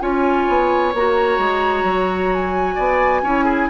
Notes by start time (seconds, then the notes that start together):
0.00 C#4 F4 C#5 G#5
0.48 B3
0.93 A#3 F#4 A#5
1.38 G#3
1.83 F#3
2.33 G#5
2.75 B3 D5
3.22 C#4 E4 C#5
3.44 G#4